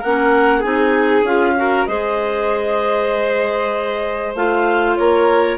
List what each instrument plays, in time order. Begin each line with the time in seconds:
0.00 bassoon A#3, clarinet C#4 F#5, violin A#4
0.59 bassoon C4, clarinet D#4 G#5, violin G#4
1.23 bassoon C#4, clarinet F4 F5
1.57 clarinet F#4, violin A#4
1.86 bassoon G#3, clarinet G#4 D#5, violin C5
4.34 bassoon A3, clarinet F4 F5
4.96 bassoon A#3, violin A#4, clarinet C#5